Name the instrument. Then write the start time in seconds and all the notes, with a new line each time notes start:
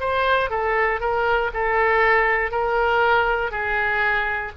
oboe
0.00 C5
0.50 A4
1.00 A#4
1.54 A4
2.51 A#4
3.51 G#4